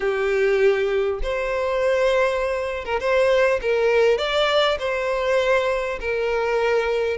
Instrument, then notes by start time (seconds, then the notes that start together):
violin
0.00 G4
1.22 C5
2.84 A#4
3.00 C5
3.61 A#4
4.18 D5
4.79 C5
6.00 A#4